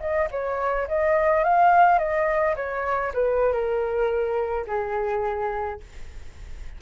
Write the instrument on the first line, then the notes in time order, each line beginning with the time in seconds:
flute
0.00 D#5
0.31 C#5
0.88 D#5
1.44 F5
1.98 D#5
2.56 C#5
3.14 B4
3.53 A#4
4.67 G#4